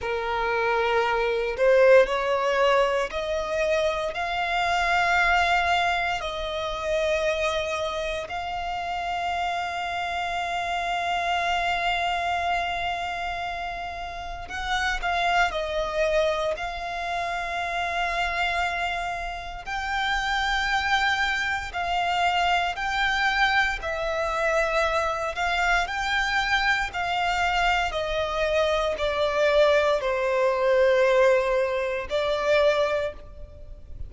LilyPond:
\new Staff \with { instrumentName = "violin" } { \time 4/4 \tempo 4 = 58 ais'4. c''8 cis''4 dis''4 | f''2 dis''2 | f''1~ | f''2 fis''8 f''8 dis''4 |
f''2. g''4~ | g''4 f''4 g''4 e''4~ | e''8 f''8 g''4 f''4 dis''4 | d''4 c''2 d''4 | }